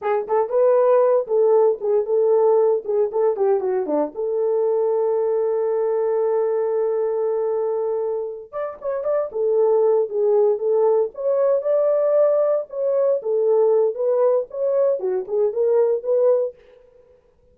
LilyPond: \new Staff \with { instrumentName = "horn" } { \time 4/4 \tempo 4 = 116 gis'8 a'8 b'4. a'4 gis'8 | a'4. gis'8 a'8 g'8 fis'8 d'8 | a'1~ | a'1~ |
a'8 d''8 cis''8 d''8 a'4. gis'8~ | gis'8 a'4 cis''4 d''4.~ | d''8 cis''4 a'4. b'4 | cis''4 fis'8 gis'8 ais'4 b'4 | }